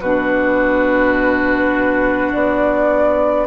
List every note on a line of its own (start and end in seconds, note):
0.00 2.31 B2
0.00 3.47 D4
0.00 3.47 F#4
0.00 2.31 B4
2.31 3.47 B3
2.31 3.47 D5